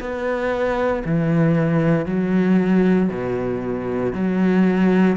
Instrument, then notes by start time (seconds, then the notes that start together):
cello
0.00 B3
1.05 E3
2.06 F#3
3.10 B2
4.13 F#3